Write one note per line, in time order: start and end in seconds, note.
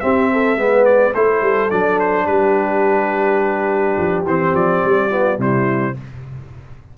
0.00 0.57 C4
0.00 0.56 C4
0.00 0.31 G4
0.00 0.85 E5
0.32 0.60 A4
0.56 1.13 G#3
0.56 1.14 B3
0.56 1.16 B4
0.85 1.13 D5
1.14 1.42 A3
1.14 1.70 E4
1.14 2.26 A4
1.14 1.70 C5
1.42 1.70 G3
1.70 2.27 F#3
1.70 4.25 D4
1.70 1.99 D5
2.00 2.26 C5
2.26 3.97 G3
2.26 5.09 G4
2.26 4.24 B4
3.97 4.25 F3
4.25 4.53 E3
4.25 5.10 C4
4.25 4.55 C5
4.54 4.82 F3
4.54 5.40 D5
4.84 5.38 G3
5.10 5.37 B3
5.10 5.38 F4
5.37 5.95 C3
5.37 5.94 G3
5.37 5.95 E4
5.37 5.98 C5